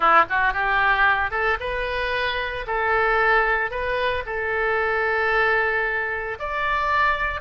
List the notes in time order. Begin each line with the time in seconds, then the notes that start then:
0.00 E4
0.29 F#4
0.53 G4
1.31 A4
1.59 B4
2.66 A4
3.70 B4
4.26 A4
6.39 D5